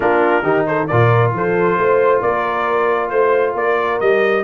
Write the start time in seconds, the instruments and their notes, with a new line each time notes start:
0.00 tuba A#3, trombone D4, horn F4, trumpet A#4
0.42 tuba D#3, trombone D#4, horn G4
0.66 horn A4, trumpet C5
0.87 tuba A#2, trombone F4, horn A#4, trumpet D5
1.32 tuba F3, horn A4, trumpet C5
1.77 tuba A3, horn C5
2.20 tuba A#3, horn A#4, trumpet D5
3.09 tuba A3, trumpet C5, horn C5
3.54 tuba A#3, horn A#4, trumpet D5
3.99 tuba G3, trombone G4, trumpet D#5